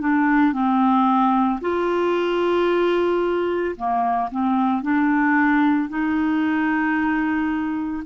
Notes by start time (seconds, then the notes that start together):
0.00 D4
0.53 C4
1.61 F4
3.76 A#3
4.31 C4
4.82 D4
5.89 D#4